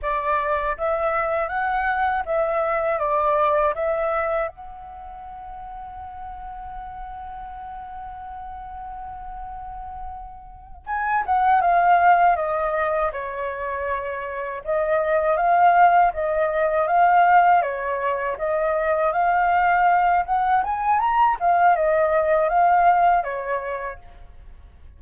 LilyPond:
\new Staff \with { instrumentName = "flute" } { \time 4/4 \tempo 4 = 80 d''4 e''4 fis''4 e''4 | d''4 e''4 fis''2~ | fis''1~ | fis''2~ fis''8 gis''8 fis''8 f''8~ |
f''8 dis''4 cis''2 dis''8~ | dis''8 f''4 dis''4 f''4 cis''8~ | cis''8 dis''4 f''4. fis''8 gis''8 | ais''8 f''8 dis''4 f''4 cis''4 | }